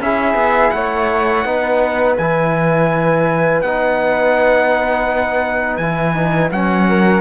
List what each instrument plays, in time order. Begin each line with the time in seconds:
0.00 cello C#4, trombone E4, flute G#4, trumpet E5
0.35 cello B3
0.71 cello A3, flute C#5, trumpet F#5
1.45 cello B3, trombone D#4, flute B4
2.17 cello E3, trombone E4, trumpet G#5
3.62 cello B3, trombone D#4, trumpet F#5
5.77 cello E3, trombone E4, trumpet G#5
6.16 trombone D#4
6.52 cello F#3, trombone C#4, trumpet F#5
6.89 flute A#4